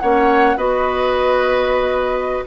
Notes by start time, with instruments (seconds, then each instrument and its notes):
0.00 bassoon A#3, clarinet C#4, oboe C#5, flute F#5
0.56 bassoon B3, clarinet F#4, oboe B4, flute D#5